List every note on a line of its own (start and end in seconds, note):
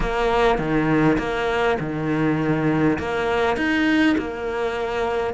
0.00 0.58 A#3
0.58 1.17 D#3
1.18 1.77 A#3
1.79 2.98 D#3
2.99 3.56 A#3
3.56 4.16 D#4
4.17 5.33 A#3